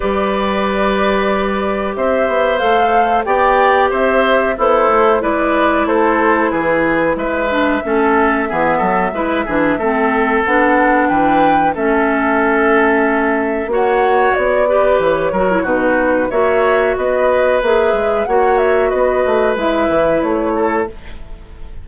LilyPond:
<<
  \new Staff \with { instrumentName = "flute" } { \time 4/4 \tempo 4 = 92 d''2. e''4 | f''4 g''4 e''4 c''4 | d''4 c''4 b'4 e''4~ | e''1 |
fis''4 g''4 e''2~ | e''4 fis''4 d''4 cis''4 | b'4 e''4 dis''4 e''4 | fis''8 e''8 dis''4 e''4 cis''4 | }
  \new Staff \with { instrumentName = "oboe" } { \time 4/4 b'2. c''4~ | c''4 d''4 c''4 e'4 | b'4 a'4 gis'4 b'4 | a'4 gis'8 a'8 b'8 gis'8 a'4~ |
a'4 b'4 a'2~ | a'4 cis''4. b'4 ais'8 | fis'4 cis''4 b'2 | cis''4 b'2~ b'8 a'8 | }
  \new Staff \with { instrumentName = "clarinet" } { \time 4/4 g'1 | a'4 g'2 a'4 | e'2.~ e'8 d'8 | cis'4 b4 e'8 d'8 c'4 |
d'2 cis'2~ | cis'4 fis'4. g'4 fis'16 e'16 | dis'4 fis'2 gis'4 | fis'2 e'2 | }
  \new Staff \with { instrumentName = "bassoon" } { \time 4/4 g2. c'8 b8 | a4 b4 c'4 b8 a8 | gis4 a4 e4 gis4 | a4 e8 fis8 gis8 e8 a4 |
b4 e4 a2~ | a4 ais4 b4 e8 fis8 | b,4 ais4 b4 ais8 gis8 | ais4 b8 a8 gis8 e8 a4 | }
>>